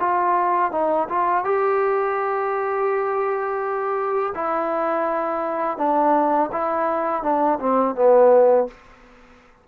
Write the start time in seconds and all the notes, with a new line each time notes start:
0.00 F4
0.72 D#4
1.09 F4
1.45 G4
4.35 E4
5.78 D4
6.52 E4
7.23 D4
7.60 C4
7.96 B3